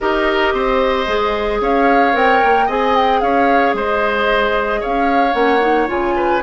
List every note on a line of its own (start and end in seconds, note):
0.00 0.53 D#4
0.00 1.07 G4
0.00 0.54 A#4
0.00 1.61 D#5
0.53 1.06 C4
0.53 1.61 C5
1.07 1.60 G#3
1.07 2.13 G#4
1.60 2.14 C#4
1.60 2.66 C#5
1.60 2.16 F5
2.13 2.41 C4
2.13 2.67 A#4
2.13 2.69 G5
2.43 2.68 A#3
2.66 3.22 C4
2.66 5.32 G#4
2.66 3.19 D#5
2.66 2.95 G#5
2.95 3.20 G5
3.20 3.73 C#4
3.20 3.76 C#5
3.20 3.74 F5
3.73 4.80 G#3
3.73 4.80 C5
3.73 4.83 D#5
4.80 5.33 C#4
4.80 6.14 C#5
4.80 5.33 F5
5.32 5.87 A#3
5.32 5.58 C#4
5.32 5.87 F#5
5.60 5.87 D#4
5.87 6.42 C#3
5.87 6.40 F4
5.87 6.42 G#5
6.16 6.42 B4